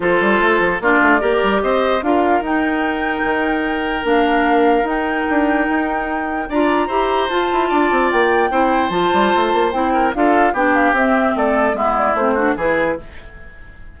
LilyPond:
<<
  \new Staff \with { instrumentName = "flute" } { \time 4/4 \tempo 4 = 148 c''2 d''2 | dis''4 f''4 g''2~ | g''2 f''2 | g''1 |
ais''2 a''2 | g''2 a''2 | g''4 f''4 g''8 f''8 e''4 | d''4 e''8 d''8 c''4 b'4 | }
  \new Staff \with { instrumentName = "oboe" } { \time 4/4 a'2 f'4 ais'4 | c''4 ais'2.~ | ais'1~ | ais'1 |
d''4 c''2 d''4~ | d''4 c''2.~ | c''8 ais'8 a'4 g'2 | a'4 e'4. fis'8 gis'4 | }
  \new Staff \with { instrumentName = "clarinet" } { \time 4/4 f'2 d'4 g'4~ | g'4 f'4 dis'2~ | dis'2 d'2 | dis'1 |
f'4 g'4 f'2~ | f'4 e'4 f'2 | e'4 f'4 d'4 c'4~ | c'4 b4 c'8 d'8 e'4 | }
  \new Staff \with { instrumentName = "bassoon" } { \time 4/4 f8 g8 a8 f8 ais8 a8 ais8 g8 | c'4 d'4 dis'2 | dis2 ais2 | dis'4 d'4 dis'2 |
d'4 e'4 f'8 e'8 d'8 c'8 | ais4 c'4 f8 g8 a8 ais8 | c'4 d'4 b4 c'4 | a4 gis4 a4 e4 | }
>>